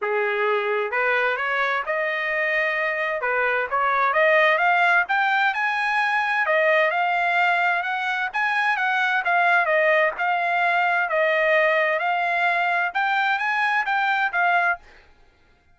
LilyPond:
\new Staff \with { instrumentName = "trumpet" } { \time 4/4 \tempo 4 = 130 gis'2 b'4 cis''4 | dis''2. b'4 | cis''4 dis''4 f''4 g''4 | gis''2 dis''4 f''4~ |
f''4 fis''4 gis''4 fis''4 | f''4 dis''4 f''2 | dis''2 f''2 | g''4 gis''4 g''4 f''4 | }